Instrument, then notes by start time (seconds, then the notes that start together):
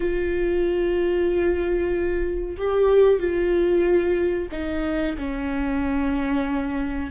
viola
0.00 F4
2.57 G4
3.19 F4
4.51 D#4
5.17 C#4